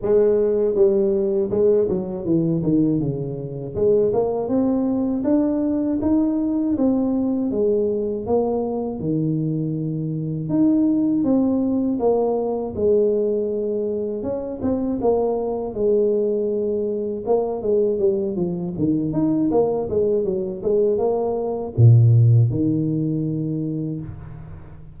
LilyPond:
\new Staff \with { instrumentName = "tuba" } { \time 4/4 \tempo 4 = 80 gis4 g4 gis8 fis8 e8 dis8 | cis4 gis8 ais8 c'4 d'4 | dis'4 c'4 gis4 ais4 | dis2 dis'4 c'4 |
ais4 gis2 cis'8 c'8 | ais4 gis2 ais8 gis8 | g8 f8 dis8 dis'8 ais8 gis8 fis8 gis8 | ais4 ais,4 dis2 | }